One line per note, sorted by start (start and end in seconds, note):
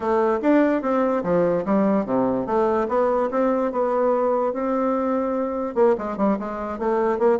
0.00 0.39 A3
0.41 0.82 D4
0.82 1.23 C4
1.23 1.64 F3
1.65 2.05 G3
2.05 2.46 C3
2.46 2.87 A3
2.88 3.29 B3
3.30 3.71 C4
3.71 4.53 B3
4.53 5.74 C4
5.74 5.95 A#3
5.98 6.17 G#3
6.17 6.37 G3
6.39 6.78 G#3
6.78 7.18 A3
7.18 7.39 A#3